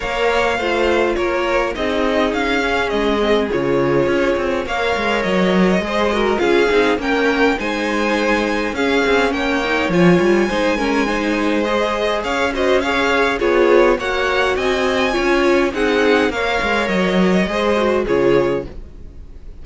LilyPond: <<
  \new Staff \with { instrumentName = "violin" } { \time 4/4 \tempo 4 = 103 f''2 cis''4 dis''4 | f''4 dis''4 cis''2 | f''4 dis''2 f''4 | g''4 gis''2 f''4 |
g''4 gis''2. | dis''4 f''8 dis''8 f''4 cis''4 | fis''4 gis''2 fis''4 | f''4 dis''2 cis''4 | }
  \new Staff \with { instrumentName = "violin" } { \time 4/4 cis''4 c''4 ais'4 gis'4~ | gis'1 | cis''2 c''8 ais'8 gis'4 | ais'4 c''2 gis'4 |
cis''2 c''8 ais'8 c''4~ | c''4 cis''8 c''8 cis''4 gis'4 | cis''4 dis''4 cis''4 gis'4 | cis''2 c''4 gis'4 | }
  \new Staff \with { instrumentName = "viola" } { \time 4/4 ais'4 f'2 dis'4~ | dis'8 cis'4 c'8 f'2 | ais'2 gis'8 fis'8 f'8 dis'8 | cis'4 dis'2 cis'4~ |
cis'8 dis'8 f'4 dis'8 cis'8 dis'4 | gis'4. fis'8 gis'4 f'4 | fis'2 f'4 dis'4 | ais'2 gis'8 fis'8 f'4 | }
  \new Staff \with { instrumentName = "cello" } { \time 4/4 ais4 a4 ais4 c'4 | cis'4 gis4 cis4 cis'8 c'8 | ais8 gis8 fis4 gis4 cis'8 c'8 | ais4 gis2 cis'8 c'8 |
ais4 f8 g8 gis2~ | gis4 cis'2 b4 | ais4 c'4 cis'4 c'4 | ais8 gis8 fis4 gis4 cis4 | }
>>